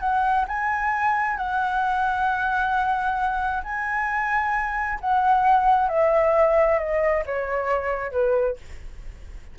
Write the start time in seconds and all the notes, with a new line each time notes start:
0.00 F#5
0.48 G#5
1.37 F#5
3.64 G#5
5.01 F#5
5.89 E5
6.79 D#5
7.26 C#5
8.12 B4